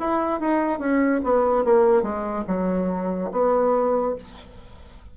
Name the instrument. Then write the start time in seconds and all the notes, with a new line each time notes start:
bassoon
0.00 E4
0.40 D#4
0.79 C#4
1.24 B3
1.64 A#3
2.02 G#3
2.47 F#3
3.32 B3